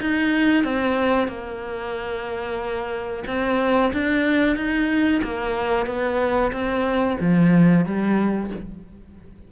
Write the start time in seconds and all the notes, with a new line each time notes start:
0.00 D#4
0.64 C4
1.27 A#3
3.27 C4
3.93 D4
4.56 D#4
5.23 A#3
5.86 B3
6.52 C4
7.20 F3
7.85 G3